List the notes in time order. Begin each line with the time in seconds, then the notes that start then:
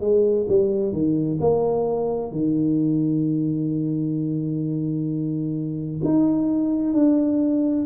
0.00 G#3
0.49 G3
0.92 D#3
1.40 A#3
2.32 D#3
6.04 D#4
6.93 D4